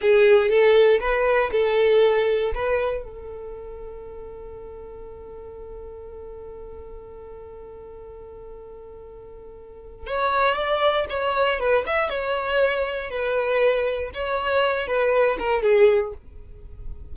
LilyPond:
\new Staff \with { instrumentName = "violin" } { \time 4/4 \tempo 4 = 119 gis'4 a'4 b'4 a'4~ | a'4 b'4 a'2~ | a'1~ | a'1~ |
a'1 | cis''4 d''4 cis''4 b'8 e''8 | cis''2 b'2 | cis''4. b'4 ais'8 gis'4 | }